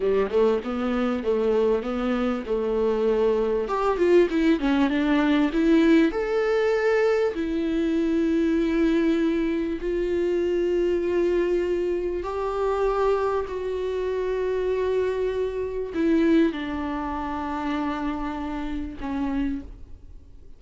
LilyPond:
\new Staff \with { instrumentName = "viola" } { \time 4/4 \tempo 4 = 98 g8 a8 b4 a4 b4 | a2 g'8 f'8 e'8 cis'8 | d'4 e'4 a'2 | e'1 |
f'1 | g'2 fis'2~ | fis'2 e'4 d'4~ | d'2. cis'4 | }